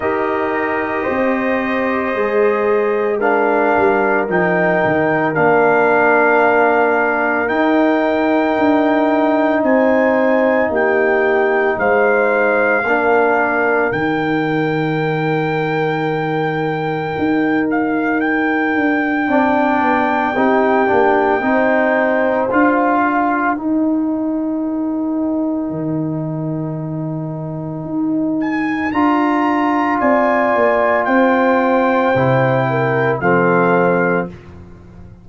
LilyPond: <<
  \new Staff \with { instrumentName = "trumpet" } { \time 4/4 \tempo 4 = 56 dis''2. f''4 | g''4 f''2 g''4~ | g''4 gis''4 g''4 f''4~ | f''4 g''2.~ |
g''8 f''8 g''2.~ | g''4 f''4 g''2~ | g''2~ g''8 gis''8 ais''4 | gis''4 g''2 f''4 | }
  \new Staff \with { instrumentName = "horn" } { \time 4/4 ais'4 c''2 ais'4~ | ais'1~ | ais'4 c''4 g'4 c''4 | ais'1~ |
ais'2 d''4 g'4 | c''4. ais'2~ ais'8~ | ais'1 | d''4 c''4. ais'8 a'4 | }
  \new Staff \with { instrumentName = "trombone" } { \time 4/4 g'2 gis'4 d'4 | dis'4 d'2 dis'4~ | dis'1 | d'4 dis'2.~ |
dis'2 d'4 dis'8 d'8 | dis'4 f'4 dis'2~ | dis'2. f'4~ | f'2 e'4 c'4 | }
  \new Staff \with { instrumentName = "tuba" } { \time 4/4 dis'4 c'4 gis4. g8 | f8 dis8 ais2 dis'4 | d'4 c'4 ais4 gis4 | ais4 dis2. |
dis'4. d'8 c'8 b8 c'8 ais8 | c'4 d'4 dis'2 | dis2 dis'4 d'4 | c'8 ais8 c'4 c4 f4 | }
>>